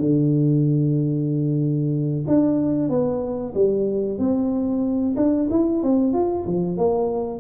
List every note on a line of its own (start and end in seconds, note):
0.00 2.26 D3
2.27 2.90 D4
2.90 3.54 B3
3.55 4.18 G3
4.18 5.15 C4
5.17 5.49 D4
5.51 5.83 E4
5.83 6.13 C4
6.13 6.46 F4
6.46 6.78 F3
6.78 7.40 A#3